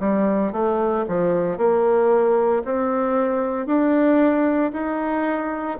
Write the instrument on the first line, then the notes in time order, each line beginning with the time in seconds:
bassoon
0.00 G3
0.53 A3
1.09 F3
1.58 A#3
2.66 C4
3.67 D4
4.73 D#4